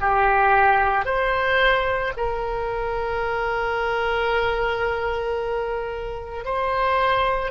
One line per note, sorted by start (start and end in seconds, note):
0.00 1.05 G4
1.05 2.12 C5
2.17 6.45 A#4
6.45 7.51 C5